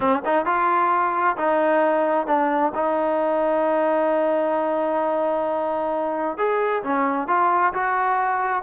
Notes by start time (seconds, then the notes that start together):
0.00 C#4
0.25 D#4
0.45 F4
1.37 D#4
2.26 D4
2.74 D#4
6.37 G#4
6.83 C#4
7.27 F4
7.73 F#4